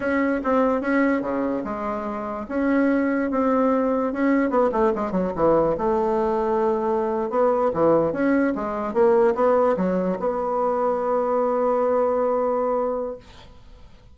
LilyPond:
\new Staff \with { instrumentName = "bassoon" } { \time 4/4 \tempo 4 = 146 cis'4 c'4 cis'4 cis4 | gis2 cis'2 | c'2 cis'4 b8 a8 | gis8 fis8 e4 a2~ |
a4.~ a16 b4 e4 cis'16~ | cis'8. gis4 ais4 b4 fis16~ | fis8. b2.~ b16~ | b1 | }